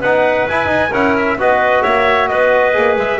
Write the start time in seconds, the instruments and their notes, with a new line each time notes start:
0.00 double bass B3, trombone D#4, clarinet B4, trumpet F#5
0.48 trombone E4, double bass E4, trumpet G#5
0.66 trombone D#4, double bass D#4
0.91 double bass C#4, trombone E4, clarinet A#4, trumpet F#5
1.17 trumpet E5
1.37 double bass B3, trombone F#4, clarinet B4, trumpet D#5
1.82 double bass A#3, clarinet C#5, trumpet E5
2.28 double bass B3, clarinet B4, trumpet D#5
2.73 double bass A#3, trombone G#4
2.96 double bass G#3, trumpet E5